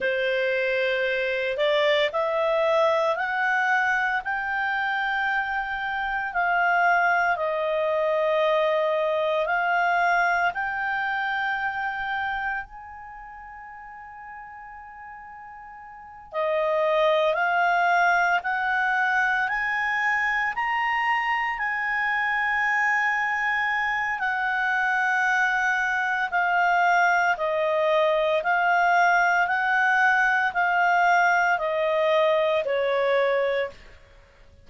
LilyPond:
\new Staff \with { instrumentName = "clarinet" } { \time 4/4 \tempo 4 = 57 c''4. d''8 e''4 fis''4 | g''2 f''4 dis''4~ | dis''4 f''4 g''2 | gis''2.~ gis''8 dis''8~ |
dis''8 f''4 fis''4 gis''4 ais''8~ | ais''8 gis''2~ gis''8 fis''4~ | fis''4 f''4 dis''4 f''4 | fis''4 f''4 dis''4 cis''4 | }